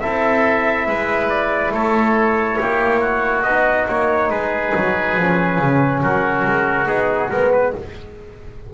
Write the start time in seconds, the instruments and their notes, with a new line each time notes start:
0.00 double bass C4, trombone E4, oboe A4, trumpet E5
0.86 double bass G#3, oboe B4
1.29 trumpet D5
1.71 double bass A3, oboe A4, trumpet C#5
2.60 double bass A#3, oboe G4
3.00 oboe F#4
3.42 double bass B3, trumpet D#5
3.49 trombone D#4
3.88 double bass A#3, trumpet C#5
4.30 double bass G#3, oboe G#4, trumpet B4
4.75 double bass F#3
5.16 double bass F3, trombone C#4
5.58 double bass C#3
6.01 double bass F#3, oboe F#4, trumpet A#4
6.44 double bass G#3
6.86 double bass B3, trombone D#4, trumpet G#4
7.29 double bass G#3, trombone B3, trumpet A#4
7.52 trumpet B4